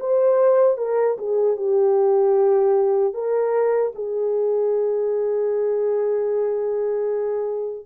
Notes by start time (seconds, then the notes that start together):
0.00 C5
0.78 A#4
1.18 G#4
1.56 G4
3.14 A#4
3.95 G#4